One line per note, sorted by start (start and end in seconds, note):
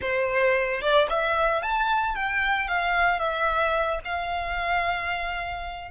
0.01 0.81 C5
0.81 1.08 D5
1.09 1.62 E5
1.62 2.15 A5
2.15 2.68 G5
2.68 3.19 F5
3.19 3.99 E5
4.04 5.91 F5